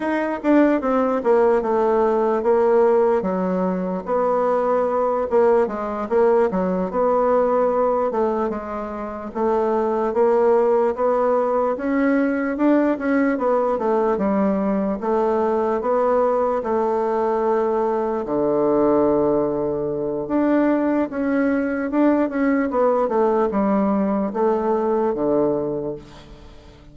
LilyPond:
\new Staff \with { instrumentName = "bassoon" } { \time 4/4 \tempo 4 = 74 dis'8 d'8 c'8 ais8 a4 ais4 | fis4 b4. ais8 gis8 ais8 | fis8 b4. a8 gis4 a8~ | a8 ais4 b4 cis'4 d'8 |
cis'8 b8 a8 g4 a4 b8~ | b8 a2 d4.~ | d4 d'4 cis'4 d'8 cis'8 | b8 a8 g4 a4 d4 | }